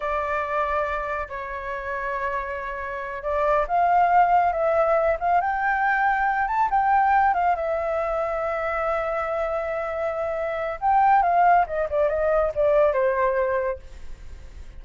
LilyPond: \new Staff \with { instrumentName = "flute" } { \time 4/4 \tempo 4 = 139 d''2. cis''4~ | cis''2.~ cis''8 d''8~ | d''8 f''2 e''4. | f''8 g''2~ g''8 a''8 g''8~ |
g''4 f''8 e''2~ e''8~ | e''1~ | e''4 g''4 f''4 dis''8 d''8 | dis''4 d''4 c''2 | }